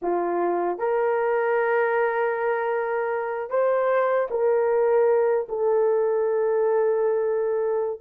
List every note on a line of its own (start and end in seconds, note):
0.02 0.78 F4
0.78 3.50 A#4
3.50 4.28 C5
4.30 5.47 A#4
5.48 8.00 A4